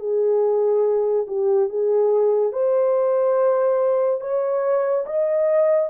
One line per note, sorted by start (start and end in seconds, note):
0.00 1.27 G#4
1.28 1.70 G4
1.70 2.53 G#4
2.53 4.21 C5
4.21 5.06 C#5
5.07 5.90 D#5